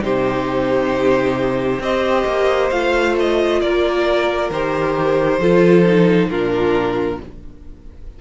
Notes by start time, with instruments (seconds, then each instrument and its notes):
0.00 cello C3, viola D#4, violin G4 C5
1.79 cello C4, viola G4, violin C5 D#5
2.26 cello A#3
2.70 cello A3, viola F4, violin F5
3.19 violin D#5
3.60 cello A#3, violin A#4 D5
4.50 cello D#3, viola G4, violin C5
5.39 cello F3, viola F4, violin A4
5.85 viola D#4
6.29 cello A#2, viola D4, violin F4 A#4